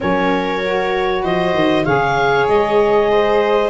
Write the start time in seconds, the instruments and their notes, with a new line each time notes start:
0.00 tuba F#3, saxophone C#4, viola A#4, clarinet C#5
0.65 saxophone F#4
1.22 tuba F3, viola C5, clarinet D#5
1.54 tuba D#3
1.84 tuba C#3, saxophone G#4, viola C#5, clarinet F5
2.47 tuba G#3, clarinet D#5
3.11 viola C5